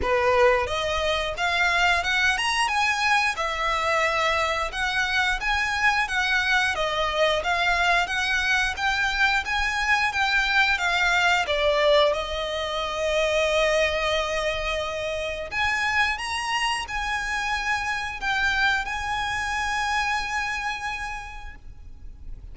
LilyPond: \new Staff \with { instrumentName = "violin" } { \time 4/4 \tempo 4 = 89 b'4 dis''4 f''4 fis''8 ais''8 | gis''4 e''2 fis''4 | gis''4 fis''4 dis''4 f''4 | fis''4 g''4 gis''4 g''4 |
f''4 d''4 dis''2~ | dis''2. gis''4 | ais''4 gis''2 g''4 | gis''1 | }